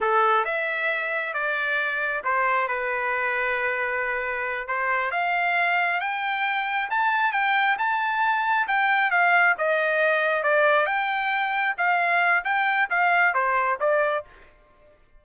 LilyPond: \new Staff \with { instrumentName = "trumpet" } { \time 4/4 \tempo 4 = 135 a'4 e''2 d''4~ | d''4 c''4 b'2~ | b'2~ b'8 c''4 f''8~ | f''4. g''2 a''8~ |
a''8 g''4 a''2 g''8~ | g''8 f''4 dis''2 d''8~ | d''8 g''2 f''4. | g''4 f''4 c''4 d''4 | }